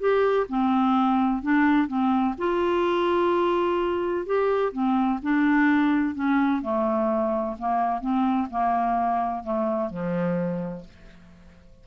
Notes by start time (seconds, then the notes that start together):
0.00 G4
0.49 C4
1.43 D4
1.88 C4
2.38 F4
4.26 G4
4.73 C4
5.23 D4
6.15 C#4
6.62 A3
7.59 A#3
8.01 C4
8.51 A#3
9.44 A3
9.90 F3